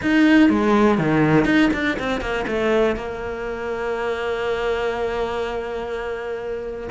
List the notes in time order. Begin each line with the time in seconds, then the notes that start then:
0.02 D#4
0.49 G#3
0.98 D#3
1.45 D#4
1.73 D4
1.99 C4
2.20 A#3
2.47 A3
2.96 A#3